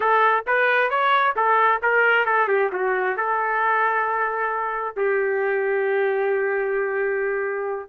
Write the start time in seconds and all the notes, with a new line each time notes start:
0.00 A4
0.46 B4
0.89 C#5
1.36 A4
1.82 A#4
2.25 A4
2.48 G4
2.72 F#4
3.17 A4
4.96 G4